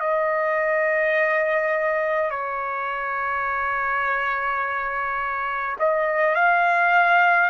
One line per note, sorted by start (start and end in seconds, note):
0.00 2.30 D#5
2.30 5.76 C#5
5.79 6.35 D#5
6.35 7.50 F5